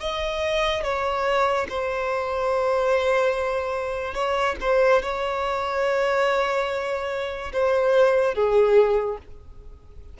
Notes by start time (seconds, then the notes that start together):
0.00 D#5
0.83 C#5
1.69 C5
4.14 C#5
4.61 C5
5.02 C#5
7.53 C5
8.34 G#4